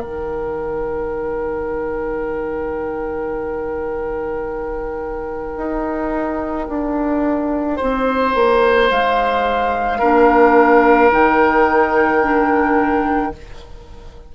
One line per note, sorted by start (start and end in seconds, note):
0.00 5.57 D#3
0.00 10.00 D#4
0.00 7.77 A#4
0.00 8.90 G5
5.57 6.68 D#4
6.69 7.80 D4
7.77 8.35 C4
7.77 9.99 C5
8.35 8.91 A#3
8.90 10.02 G#3
8.90 11.12 F5
9.99 11.12 A#3
9.99 11.12 D4
9.99 13.32 A#4
11.12 13.34 D#3
11.12 12.22 D#4
11.12 13.35 G5
12.22 13.34 D4